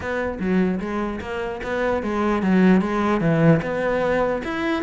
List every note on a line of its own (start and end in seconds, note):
0.00 0.38 B3
0.39 0.79 F#3
0.79 1.20 G#3
1.20 1.61 A#3
1.63 2.02 B3
2.02 2.42 G#3
2.42 2.81 F#3
2.81 3.20 G#3
3.20 3.61 E3
3.61 4.42 B3
4.44 4.82 E4